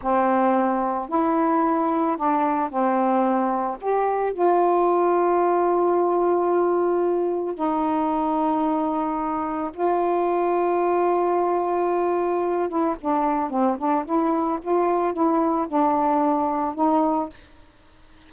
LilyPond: \new Staff \with { instrumentName = "saxophone" } { \time 4/4 \tempo 4 = 111 c'2 e'2 | d'4 c'2 g'4 | f'1~ | f'2 dis'2~ |
dis'2 f'2~ | f'2.~ f'8 e'8 | d'4 c'8 d'8 e'4 f'4 | e'4 d'2 dis'4 | }